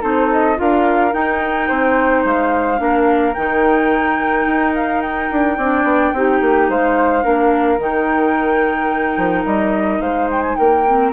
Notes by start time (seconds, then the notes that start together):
0.00 C4 D#4 A4 C5
0.31 D#5
0.55 D4 F4 A#4 F5
1.12 D#4 G5
1.68 C4 C5
2.25 G#3 F5
2.77 A#3 D4 A#4
3.34 D#3 D#4 G5
4.46 D#4
4.75 F5
5.01 G5
5.30 D4
5.57 C4 D4 D5
5.83 B3
6.12 C4 D#4 G4
6.41 A#3
6.69 G#3 C5 F5
7.22 A#3 D4 A#4
7.78 D#3 D#4 G5
9.17 F3
9.45 G3 D#5
10.00 G#3 C5 F5
10.31 G5
10.41 G#5
10.55 A#3 A#4 G5
10.87 C4